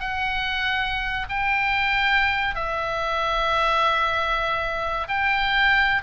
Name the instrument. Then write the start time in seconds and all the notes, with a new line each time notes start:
oboe
0.00 F#5
1.29 G5
2.55 E5
5.08 G5